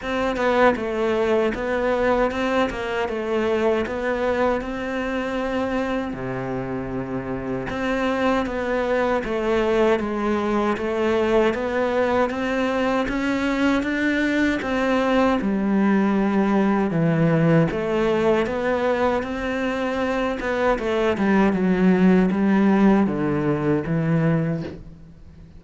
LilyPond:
\new Staff \with { instrumentName = "cello" } { \time 4/4 \tempo 4 = 78 c'8 b8 a4 b4 c'8 ais8 | a4 b4 c'2 | c2 c'4 b4 | a4 gis4 a4 b4 |
c'4 cis'4 d'4 c'4 | g2 e4 a4 | b4 c'4. b8 a8 g8 | fis4 g4 d4 e4 | }